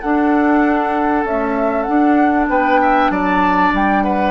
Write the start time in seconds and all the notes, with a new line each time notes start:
0.00 D4 A4 F#5
1.24 A3 C#4 E5
1.83 D4 F#5
2.49 B3 B4 G5
2.81 E5
3.10 F#3 D5 A5
3.72 G3 G5
4.03 B4 F#5